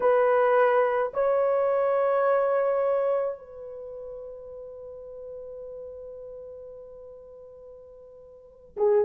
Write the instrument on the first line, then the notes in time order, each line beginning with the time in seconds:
horn
0.00 B4
1.13 C#5
3.38 B4
8.76 G#4